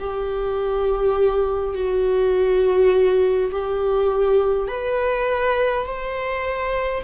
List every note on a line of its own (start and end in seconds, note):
0.00 1.75 G4
1.75 3.51 F#4
3.51 4.68 G4
4.68 5.86 B4
5.86 7.04 C5